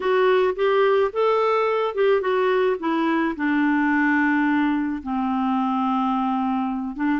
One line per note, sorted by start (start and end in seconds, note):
0.00 0.54 F#4
0.55 1.11 G4
1.12 1.94 A4
1.94 2.21 G4
2.21 2.76 F#4
2.79 3.35 E4
3.35 5.02 D4
5.03 6.96 C4
6.96 7.19 D4